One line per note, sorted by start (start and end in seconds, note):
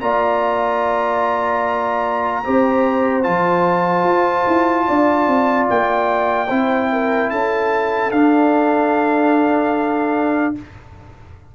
0.00 2.43 A#3
0.00 2.43 F4
0.00 2.44 D5
0.00 3.23 A#5
2.44 3.27 C4
2.44 3.22 G4
2.44 4.86 C5
3.22 4.03 F3
3.22 6.47 F4
3.22 5.66 A5
4.03 4.44 F4
4.47 4.87 E4
4.86 5.27 D4
4.86 6.47 D5
5.27 5.67 C4
5.69 6.50 A#3
5.69 7.30 G5
6.47 7.31 C4
6.47 8.11 E4
6.47 6.87 C5
6.92 7.30 A#4
7.30 8.11 C#4
7.30 10.55 A4
7.30 8.11 A5
8.11 10.54 D4
8.11 10.55 D4
8.11 10.54 F5